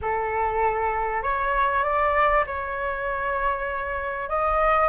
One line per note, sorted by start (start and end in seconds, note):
0.01 1.22 A4
1.22 1.83 C#5
1.83 2.45 D5
2.46 4.29 C#5
4.29 4.89 D#5